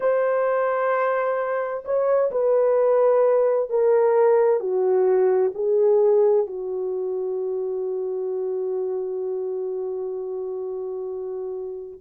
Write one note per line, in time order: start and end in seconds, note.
0.00 1.84 C5
1.84 2.30 C#5
2.31 3.69 B4
3.69 4.59 A#4
4.59 5.52 F#4
5.54 6.46 G#4
6.46 12.00 F#4